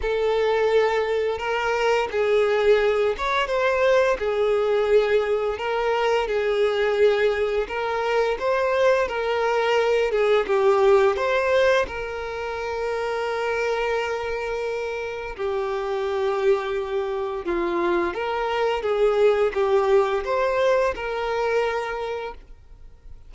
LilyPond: \new Staff \with { instrumentName = "violin" } { \time 4/4 \tempo 4 = 86 a'2 ais'4 gis'4~ | gis'8 cis''8 c''4 gis'2 | ais'4 gis'2 ais'4 | c''4 ais'4. gis'8 g'4 |
c''4 ais'2.~ | ais'2 g'2~ | g'4 f'4 ais'4 gis'4 | g'4 c''4 ais'2 | }